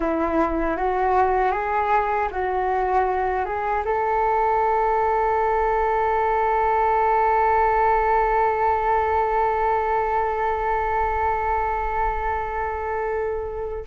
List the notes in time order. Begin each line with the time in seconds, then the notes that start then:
0.00 E4
0.77 F#4
1.51 G#4
2.31 F#4
3.45 G#4
3.85 A4